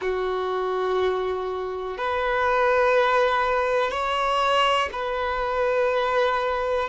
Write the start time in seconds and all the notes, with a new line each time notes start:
0.00 F#4
1.97 B4
3.91 C#5
4.92 B4